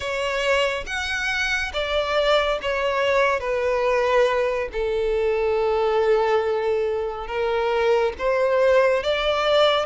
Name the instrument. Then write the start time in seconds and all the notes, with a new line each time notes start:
violin
0.00 C#5
0.86 F#5
1.73 D5
2.61 C#5
3.40 B4
4.72 A4
7.27 A#4
8.18 C5
9.03 D5